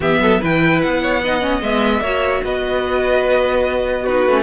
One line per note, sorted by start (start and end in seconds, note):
0.00 0.17 E3
0.00 0.41 B3
0.00 0.20 G4
0.00 0.42 E5
0.19 0.39 F#3
0.19 0.40 A4
0.40 0.84 E3
0.40 1.22 E4
0.40 1.01 B4
0.40 0.80 G5
0.80 1.61 B3
0.80 1.61 F#5
1.01 1.21 C#5
1.23 1.41 D#4
1.23 2.01 D#5
1.41 1.61 C#4
1.61 2.00 G#3
1.61 2.03 B3
1.61 2.43 E5
2.00 2.41 A#3
2.00 4.06 F#4
2.00 2.42 C#5
2.43 4.26 B3
2.43 4.02 B4
2.43 4.06 D#5
4.02 4.42 F#4
4.02 4.42 B4
4.08 4.28 D#4
4.26 4.42 A3
4.26 4.42 C#4